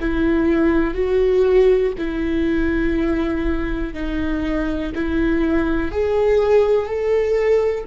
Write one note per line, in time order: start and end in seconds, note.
0.00 0.94 E4
0.94 1.92 F#4
1.98 3.93 E4
3.93 4.92 D#4
4.95 5.91 E4
5.91 6.86 G#4
6.86 7.84 A4